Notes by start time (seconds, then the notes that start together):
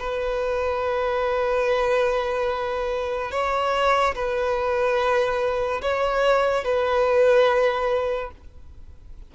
0.00 B4
3.32 C#5
4.16 B4
5.82 C#5
6.65 B4